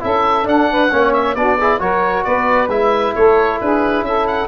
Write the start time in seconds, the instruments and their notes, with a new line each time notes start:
0.00 tuba C#4, trombone E4, saxophone A4, oboe E5
0.44 trombone D4, tuba D4, oboe F#5
0.71 saxophone B4
0.91 tuba A#3, trombone C#4, saxophone C#5
1.13 oboe E5
1.35 tuba B3, trombone D4, saxophone F#4, oboe D5
1.57 trombone E4, saxophone G#4
1.80 tuba F#3, trombone F#4, saxophone A#4, oboe C#5
2.24 tuba B3, saxophone B4, oboe D5
2.68 tuba G#3, trombone E4, oboe E5
3.15 tuba A3, saxophone A4, oboe C#5
3.61 tuba D4, saxophone G#4, oboe B4
4.01 tuba C#4, saxophone A4, oboe E5
4.27 oboe F#5